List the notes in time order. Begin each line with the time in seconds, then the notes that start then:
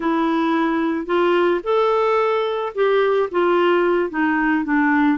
0.00 E4
1.06 F4
1.63 A4
2.74 G4
3.31 F4
4.10 D#4
4.64 D4